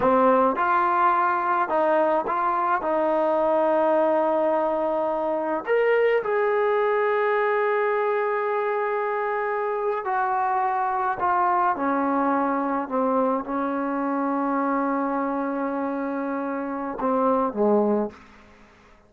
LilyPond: \new Staff \with { instrumentName = "trombone" } { \time 4/4 \tempo 4 = 106 c'4 f'2 dis'4 | f'4 dis'2.~ | dis'2 ais'4 gis'4~ | gis'1~ |
gis'4.~ gis'16 fis'2 f'16~ | f'8. cis'2 c'4 cis'16~ | cis'1~ | cis'2 c'4 gis4 | }